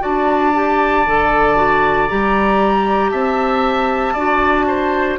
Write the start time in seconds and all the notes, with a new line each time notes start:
0.00 D4 F#4 D5 A5
0.55 G4
1.07 D3 A4
1.56 F#4
2.09 G3 G4 A#5
3.10 C4 E5 A5
4.14 D4 F#4 D5
4.68 C5